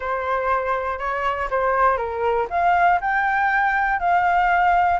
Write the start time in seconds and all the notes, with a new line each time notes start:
0.00 C5
0.98 C#5
1.50 C5
1.97 A#4
2.50 F5
3.00 G5
3.99 F5